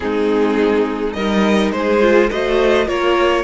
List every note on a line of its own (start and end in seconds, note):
0.00 1.15 G#3
0.00 1.15 C4
0.00 1.15 D#4
0.00 1.13 G#4
1.13 1.72 G3
1.13 2.01 D#4
1.13 1.73 A#4
1.13 1.71 D#5
1.72 2.29 G#3
1.72 2.30 G#4
1.72 2.29 C5
2.01 2.30 F4
2.30 2.87 A3
2.30 2.86 F#4
2.30 2.87 C5
2.30 2.88 D#5
2.86 3.44 A#3
2.86 3.44 F4
2.86 3.44 A#4
2.86 3.44 C#5